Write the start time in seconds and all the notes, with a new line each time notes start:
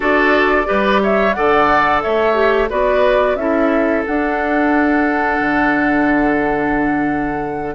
0.00 D4 F#4 A4 D5
0.64 G3 G4 B4
1.02 C#5 E5
1.33 D3 A4 D5 F#5
2.01 A3 C#5 E5
2.33 G4
2.69 B3 F#4 B4 D5
3.35 C#4 E4 A4 E5
4.06 D4 F#5
5.40 D3